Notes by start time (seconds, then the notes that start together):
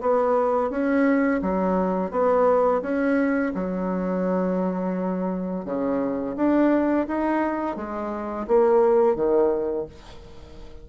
0.00 B3
0.70 C#4
1.41 F#3
2.10 B3
2.81 C#4
3.54 F#3
5.65 C#3
6.36 D4
7.07 D#4
7.76 G#3
8.47 A#3
9.15 D#3